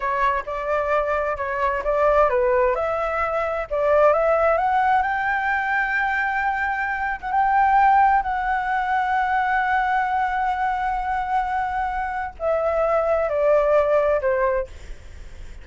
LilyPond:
\new Staff \with { instrumentName = "flute" } { \time 4/4 \tempo 4 = 131 cis''4 d''2 cis''4 | d''4 b'4 e''2 | d''4 e''4 fis''4 g''4~ | g''2.~ g''8. fis''16 |
g''2 fis''2~ | fis''1~ | fis''2. e''4~ | e''4 d''2 c''4 | }